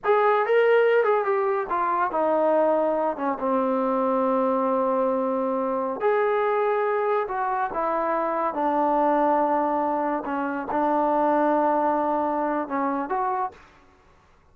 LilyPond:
\new Staff \with { instrumentName = "trombone" } { \time 4/4 \tempo 4 = 142 gis'4 ais'4. gis'8 g'4 | f'4 dis'2~ dis'8 cis'8 | c'1~ | c'2~ c'16 gis'4.~ gis'16~ |
gis'4~ gis'16 fis'4 e'4.~ e'16~ | e'16 d'2.~ d'8.~ | d'16 cis'4 d'2~ d'8.~ | d'2 cis'4 fis'4 | }